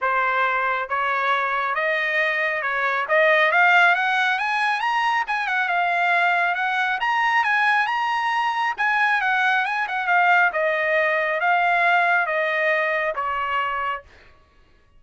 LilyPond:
\new Staff \with { instrumentName = "trumpet" } { \time 4/4 \tempo 4 = 137 c''2 cis''2 | dis''2 cis''4 dis''4 | f''4 fis''4 gis''4 ais''4 | gis''8 fis''8 f''2 fis''4 |
ais''4 gis''4 ais''2 | gis''4 fis''4 gis''8 fis''8 f''4 | dis''2 f''2 | dis''2 cis''2 | }